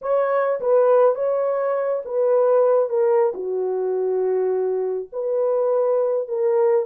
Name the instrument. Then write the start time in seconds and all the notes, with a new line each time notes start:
horn
0.01 C#5
0.60 B4
1.15 C#5
2.05 B4
2.89 A#4
3.34 F#4
5.12 B4
6.28 A#4